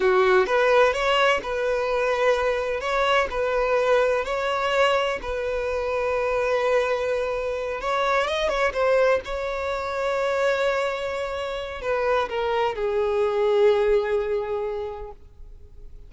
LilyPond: \new Staff \with { instrumentName = "violin" } { \time 4/4 \tempo 4 = 127 fis'4 b'4 cis''4 b'4~ | b'2 cis''4 b'4~ | b'4 cis''2 b'4~ | b'1~ |
b'8 cis''4 dis''8 cis''8 c''4 cis''8~ | cis''1~ | cis''4 b'4 ais'4 gis'4~ | gis'1 | }